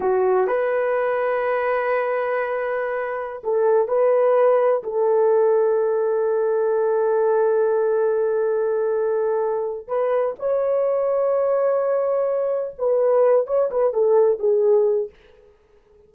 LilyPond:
\new Staff \with { instrumentName = "horn" } { \time 4/4 \tempo 4 = 127 fis'4 b'2.~ | b'2.~ b'16 a'8.~ | a'16 b'2 a'4.~ a'16~ | a'1~ |
a'1~ | a'4 b'4 cis''2~ | cis''2. b'4~ | b'8 cis''8 b'8 a'4 gis'4. | }